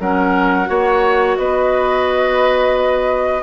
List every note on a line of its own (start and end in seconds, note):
0.00 0.69 F#3
0.00 0.66 C#4
0.00 0.69 A#4
0.00 1.37 F#5
0.66 1.38 A#3
0.66 3.42 F#4
0.66 1.38 C#5
1.37 3.43 B3
1.37 3.43 B4
1.37 3.43 D#5